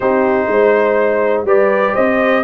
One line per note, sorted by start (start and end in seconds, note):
0.00 0.47 C4
0.00 1.46 D#4
0.00 0.48 G4
0.00 1.43 C5
0.47 1.44 G#3
0.47 1.45 C5
1.44 1.93 G3
1.44 2.43 G4
1.44 1.93 B4
1.44 1.94 D5
1.93 2.43 C4
1.93 2.42 C5
1.93 2.43 D#5